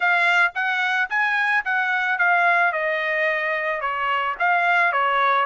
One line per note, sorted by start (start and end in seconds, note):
0.00 0.52 F5
0.54 1.09 F#5
1.09 1.64 G#5
1.64 2.18 F#5
2.18 2.72 F5
2.72 3.80 D#5
3.80 4.35 C#5
4.39 4.92 F5
4.92 5.45 C#5